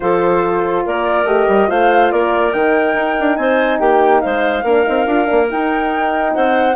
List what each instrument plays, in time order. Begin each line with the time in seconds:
0.00 bassoon F3, horn F4, clarinet A4, flute C5
0.85 bassoon A#3, clarinet A#4, flute D5
1.24 bassoon A3, horn G4, flute D#5
1.47 bassoon G3
1.67 bassoon A3, horn F4, clarinet C5, flute F5
2.11 bassoon A#3, clarinet A#4, flute D5
2.53 bassoon D#3, horn D#4, flute G5
2.94 bassoon D#4
3.20 bassoon D4
3.36 bassoon C4, clarinet C5, flute G#5
3.79 bassoon A#3, clarinet G4, flute G5
4.20 bassoon G#3, clarinet C5, flute F5
4.63 bassoon A#3, horn D4, clarinet A#4
4.84 bassoon C4, horn D#4
5.06 bassoon D4, horn F4
5.25 bassoon A#3, horn D4
5.49 horn D#4, bassoon D#4, flute G5
6.34 bassoon C4, clarinet C5, flute F#5